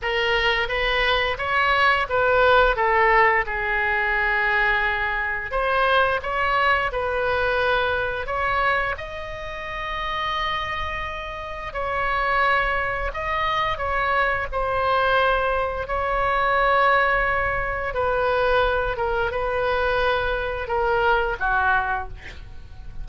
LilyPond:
\new Staff \with { instrumentName = "oboe" } { \time 4/4 \tempo 4 = 87 ais'4 b'4 cis''4 b'4 | a'4 gis'2. | c''4 cis''4 b'2 | cis''4 dis''2.~ |
dis''4 cis''2 dis''4 | cis''4 c''2 cis''4~ | cis''2 b'4. ais'8 | b'2 ais'4 fis'4 | }